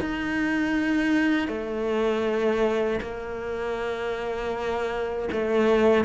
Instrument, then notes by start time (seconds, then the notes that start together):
cello
0.00 D#4
1.48 A3
3.01 A#3
5.32 A3